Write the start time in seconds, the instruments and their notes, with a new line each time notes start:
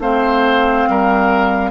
0.00 bassoon A3, clarinet C4, oboe C5, flute F5
0.89 bassoon G3, oboe A#4